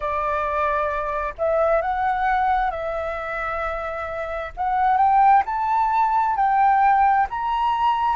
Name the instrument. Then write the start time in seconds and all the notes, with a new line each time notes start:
flute
0.00 D5
1.38 E5
1.81 F#5
2.70 E5
4.57 F#5
4.97 G5
5.45 A5
6.36 G5
7.30 A#5